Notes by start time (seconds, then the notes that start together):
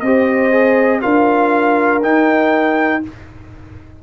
0.00 C4 G4 C5 D#5
0.51 G#4
1.01 D4 F4 A#4 F5
2.02 D#4 G5